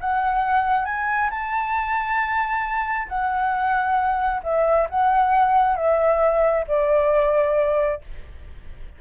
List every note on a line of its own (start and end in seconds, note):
0.00 0.85 F#5
0.85 1.29 G#5
1.30 3.08 A5
3.08 4.41 F#5
4.43 4.87 E5
4.89 5.76 F#5
5.76 6.64 E5
6.67 8.01 D5